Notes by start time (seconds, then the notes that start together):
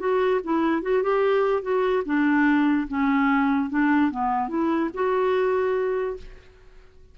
0.00 F#4
0.44 E4
0.83 F#4
1.03 G4
1.63 F#4
2.06 D4
2.88 C#4
3.70 D4
4.12 B3
4.49 E4
4.94 F#4